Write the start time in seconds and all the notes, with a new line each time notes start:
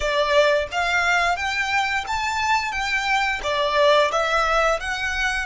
0.00 D5
0.71 F5
1.36 G5
2.07 A5
2.71 G5
3.43 D5
4.11 E5
4.79 F#5